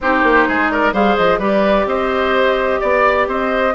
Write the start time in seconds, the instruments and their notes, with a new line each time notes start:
0.00 bassoon C4, clarinet D#4, oboe G4, flute C5
0.23 bassoon A#3
0.48 bassoon G#3, oboe G#4
0.69 oboe A#4, flute D5
0.92 bassoon G3, clarinet G#4, oboe C5, flute F5
1.16 bassoon F3, flute D#5
1.39 bassoon G3, clarinet G4, oboe B4, flute D5
1.85 bassoon C4, oboe C5, flute D#5
2.80 bassoon B3, oboe D5, flute D5
3.27 bassoon C4, oboe C5, flute D#5